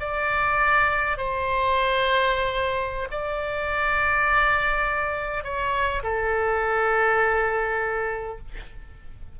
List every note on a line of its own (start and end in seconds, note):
0.00 1.17 D5
1.17 3.09 C5
3.11 5.44 D5
5.44 6.03 C#5
6.03 8.38 A4